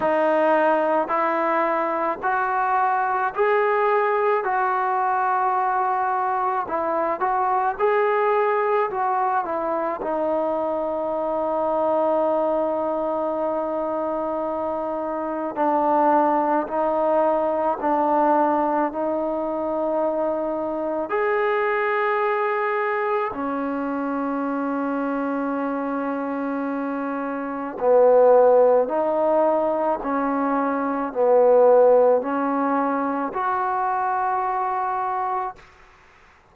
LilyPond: \new Staff \with { instrumentName = "trombone" } { \time 4/4 \tempo 4 = 54 dis'4 e'4 fis'4 gis'4 | fis'2 e'8 fis'8 gis'4 | fis'8 e'8 dis'2.~ | dis'2 d'4 dis'4 |
d'4 dis'2 gis'4~ | gis'4 cis'2.~ | cis'4 b4 dis'4 cis'4 | b4 cis'4 fis'2 | }